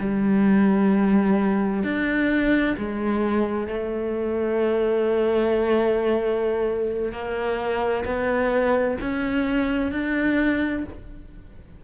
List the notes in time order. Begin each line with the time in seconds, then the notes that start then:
0.00 G3
1.84 D4
2.78 G#3
3.68 A3
7.12 A#3
8.06 B3
9.02 C#4
9.92 D4